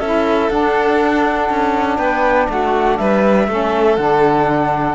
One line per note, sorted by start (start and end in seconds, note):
0.00 0.50 C#4
0.00 0.50 E4
0.00 1.98 A4
0.00 0.50 E5
0.50 3.48 D4
0.50 1.50 D4
0.50 1.98 F#5
1.50 1.98 C#4
1.98 2.48 B3
1.98 2.47 B4
1.98 2.48 G5
2.50 2.99 A3
2.50 3.00 F#4
2.50 2.97 F#5
2.97 3.48 G3
2.97 3.49 B4
2.97 3.96 E5
3.48 3.98 A3
3.48 3.98 C#4
3.48 4.95 A4
3.96 4.95 D3
3.96 4.95 D4
3.96 4.95 F#5